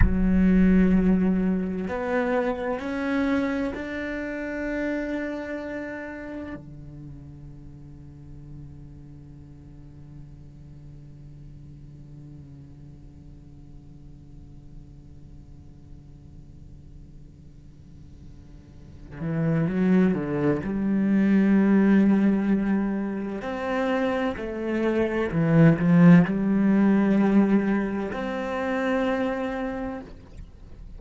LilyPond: \new Staff \with { instrumentName = "cello" } { \time 4/4 \tempo 4 = 64 fis2 b4 cis'4 | d'2. d4~ | d1~ | d1~ |
d1~ | d8 e8 fis8 d8 g2~ | g4 c'4 a4 e8 f8 | g2 c'2 | }